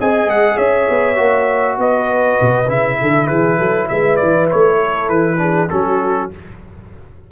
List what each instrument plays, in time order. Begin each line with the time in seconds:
0.00 tuba C4, trombone G#4, horn D#5, trumpet G#5
0.27 tuba G#3, trumpet F#5
0.57 tuba C#4, horn C#5, trumpet E5
0.90 tuba B3
1.16 tuba A#3, trombone F#4
1.78 tuba B3, horn B4, trumpet D#5
2.41 tuba B2
2.68 tuba C#3, trombone E4, trumpet E5
3.01 tuba D3, horn A4
3.27 tuba E3, horn G#4, trumpet B4
3.58 tuba F#3, horn A4
3.89 tuba G#3, horn B4, trumpet E5
4.17 tuba E3, trumpet D5
4.51 tuba A3, trumpet C#5
4.77 horn A4
5.09 tuba E3, trumpet B4
5.38 trombone D4, horn G#4
5.70 tuba F#3, trombone C#4, horn F#4, trumpet A4